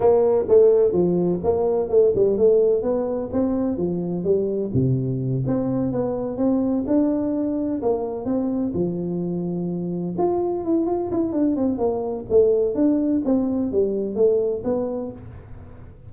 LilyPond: \new Staff \with { instrumentName = "tuba" } { \time 4/4 \tempo 4 = 127 ais4 a4 f4 ais4 | a8 g8 a4 b4 c'4 | f4 g4 c4. c'8~ | c'8 b4 c'4 d'4.~ |
d'8 ais4 c'4 f4.~ | f4. f'4 e'8 f'8 e'8 | d'8 c'8 ais4 a4 d'4 | c'4 g4 a4 b4 | }